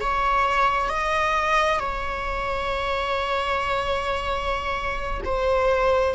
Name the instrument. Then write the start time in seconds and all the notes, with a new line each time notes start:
viola
0.00 C#5
0.88 D#5
1.79 C#5
5.24 C5